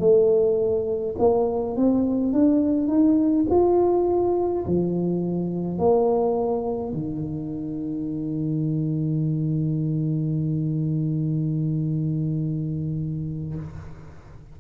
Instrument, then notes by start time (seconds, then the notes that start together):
tuba
0.00 A3
1.19 A#3
1.77 C4
2.33 D4
2.88 D#4
3.50 F4
4.66 F3
5.78 A#3
6.93 D#3